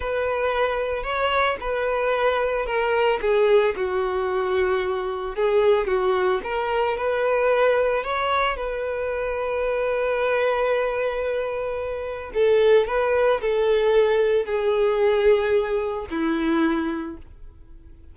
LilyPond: \new Staff \with { instrumentName = "violin" } { \time 4/4 \tempo 4 = 112 b'2 cis''4 b'4~ | b'4 ais'4 gis'4 fis'4~ | fis'2 gis'4 fis'4 | ais'4 b'2 cis''4 |
b'1~ | b'2. a'4 | b'4 a'2 gis'4~ | gis'2 e'2 | }